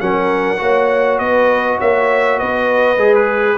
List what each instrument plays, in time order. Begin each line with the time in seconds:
0.00 tuba F#3, trombone C#4, horn A#4, trumpet F#5
0.58 tuba A#3, trombone F#4, horn C#5
1.19 tuba B3, horn B4, trumpet D#5
1.79 tuba A#3, horn C#5, trumpet E5
2.38 tuba B3, horn B4, trumpet D#5
2.98 tuba G#3, trombone G#4
3.15 trumpet B4